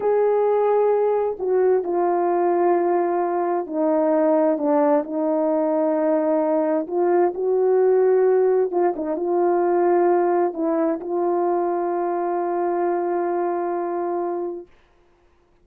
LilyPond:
\new Staff \with { instrumentName = "horn" } { \time 4/4 \tempo 4 = 131 gis'2. fis'4 | f'1 | dis'2 d'4 dis'4~ | dis'2. f'4 |
fis'2. f'8 dis'8 | f'2. e'4 | f'1~ | f'1 | }